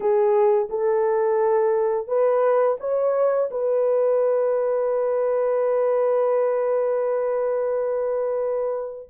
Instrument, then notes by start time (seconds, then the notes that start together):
horn
0.00 G#4
0.69 A4
2.07 B4
2.80 C#5
3.50 B4